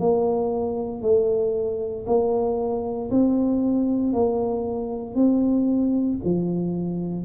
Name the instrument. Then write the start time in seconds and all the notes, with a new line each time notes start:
tuba
0.00 A#3
1.02 A3
2.07 A#3
3.11 C4
4.13 A#3
5.15 C4
6.24 F3